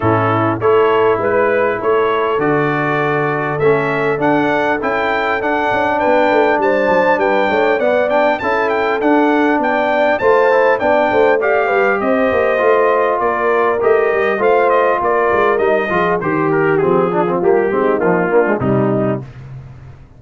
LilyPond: <<
  \new Staff \with { instrumentName = "trumpet" } { \time 4/4 \tempo 4 = 100 a'4 cis''4 b'4 cis''4 | d''2 e''4 fis''4 | g''4 fis''4 g''4 a''4 | g''4 fis''8 g''8 a''8 g''8 fis''4 |
g''4 a''4 g''4 f''4 | dis''2 d''4 dis''4 | f''8 dis''8 d''4 dis''4 c''8 ais'8 | gis'4 g'4 f'4 dis'4 | }
  \new Staff \with { instrumentName = "horn" } { \time 4/4 e'4 a'4 b'4 a'4~ | a'1~ | a'2 b'4 c''4 | b'8 cis''8 d''4 a'2 |
d''4 c''4 d''8 c''8 d''8 b'8 | c''2 ais'2 | c''4 ais'4. gis'8 g'4~ | g'8 f'4 dis'4 d'8 dis'4 | }
  \new Staff \with { instrumentName = "trombone" } { \time 4/4 cis'4 e'2. | fis'2 cis'4 d'4 | e'4 d'2.~ | d'4 b8 d'8 e'4 d'4~ |
d'4 f'8 e'8 d'4 g'4~ | g'4 f'2 g'4 | f'2 dis'8 f'8 g'4 | c'8 d'16 c'16 ais8 c'8 f8 ais16 gis16 g4 | }
  \new Staff \with { instrumentName = "tuba" } { \time 4/4 a,4 a4 gis4 a4 | d2 a4 d'4 | cis'4 d'8 cis'8 b8 a8 g8 fis8 | g8 a8 b4 cis'4 d'4 |
b4 a4 b8 a4 g8 | c'8 ais8 a4 ais4 a8 g8 | a4 ais8 gis8 g8 f8 dis4 | f4 g8 gis8 ais4 c4 | }
>>